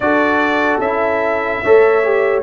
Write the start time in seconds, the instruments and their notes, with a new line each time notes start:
0.00 tuba D4, trombone F#4, horn A4, trumpet D5
0.79 tuba C#4, trombone E4, trumpet E5
1.63 tuba A3, trombone A4, horn C#5
2.03 trombone G4